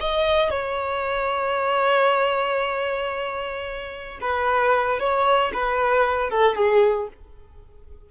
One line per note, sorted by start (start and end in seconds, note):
0.00 0.50 D#5
0.50 4.19 C#5
4.21 4.99 B4
4.99 5.52 C#5
5.54 6.30 B4
6.30 6.56 A4
6.56 7.08 G#4